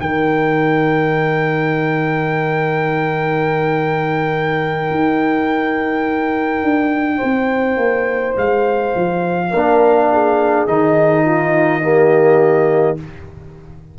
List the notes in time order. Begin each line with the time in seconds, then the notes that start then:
0.00 D#3 D#4 A#4 G5
4.91 D#4
6.63 D4
7.17 C5
7.24 C4
7.77 A#3
8.37 G#3 F5
8.95 F3
9.50 A#3 D4 A#4
10.12 G#4
10.68 D#3 D#4 D#5
11.25 F4
11.82 A#3 G4